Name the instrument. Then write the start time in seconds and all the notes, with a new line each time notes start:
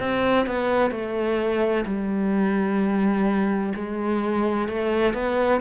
cello
0.00 C4
0.47 B3
0.91 A3
1.86 G3
3.75 G#3
4.69 A3
5.14 B3